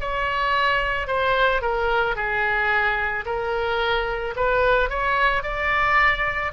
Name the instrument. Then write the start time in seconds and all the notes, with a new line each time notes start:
oboe
0.00 C#5
1.07 C5
1.61 A#4
2.15 G#4
3.25 A#4
4.36 B4
4.89 C#5
5.42 D5